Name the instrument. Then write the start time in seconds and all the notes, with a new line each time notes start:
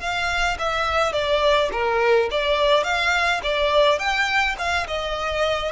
violin
0.00 F5
0.59 E5
1.12 D5
1.72 A#4
2.31 D5
2.83 F5
3.43 D5
3.98 G5
4.58 F5
4.87 D#5